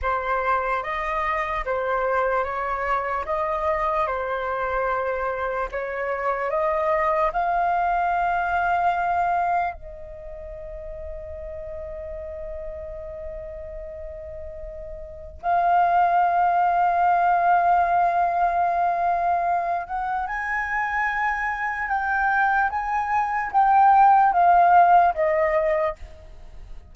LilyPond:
\new Staff \with { instrumentName = "flute" } { \time 4/4 \tempo 4 = 74 c''4 dis''4 c''4 cis''4 | dis''4 c''2 cis''4 | dis''4 f''2. | dis''1~ |
dis''2. f''4~ | f''1~ | f''8 fis''8 gis''2 g''4 | gis''4 g''4 f''4 dis''4 | }